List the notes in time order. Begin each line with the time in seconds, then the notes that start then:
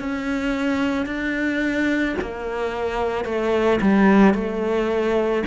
0.00 C#4
1.07 D4
2.22 A#3
3.25 A3
3.82 G3
4.34 A3